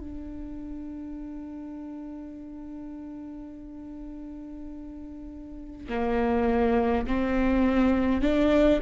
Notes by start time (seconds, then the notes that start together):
0.00 D4
5.89 A#3
7.07 C4
8.22 D4